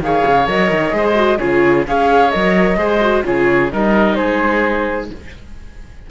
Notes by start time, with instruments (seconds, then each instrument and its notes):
0.00 cello D#3, viola G#4, oboe C#5, flute F5
0.26 cello C#3
0.47 cello F#3, viola A#4, flute D#5
0.70 cello D#3
0.91 cello G#3, viola G#4, oboe C5
1.15 viola F#4
1.38 cello C#3, viola F4, oboe G#4, flute C#5
1.87 cello C#4, viola G#4, oboe C#5, flute F5
2.30 cello F#3, viola A#4, flute D#5
2.76 cello G#3, viola G#4, oboe C5
3.01 viola F#4
3.24 cello C#3, viola F4, oboe G#4, flute C#5
3.71 cello G3, viola D#4, oboe A#4, flute D#5
4.15 cello G#3, oboe G#4, flute C5